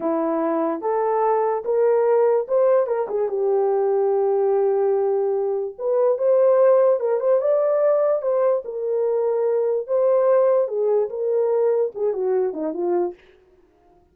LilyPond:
\new Staff \with { instrumentName = "horn" } { \time 4/4 \tempo 4 = 146 e'2 a'2 | ais'2 c''4 ais'8 gis'8 | g'1~ | g'2 b'4 c''4~ |
c''4 ais'8 c''8 d''2 | c''4 ais'2. | c''2 gis'4 ais'4~ | ais'4 gis'8 fis'4 dis'8 f'4 | }